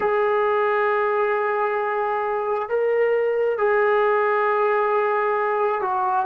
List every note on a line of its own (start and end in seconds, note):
0.00 2.68 G#4
2.68 3.57 A#4
3.57 5.81 G#4
5.81 6.25 F#4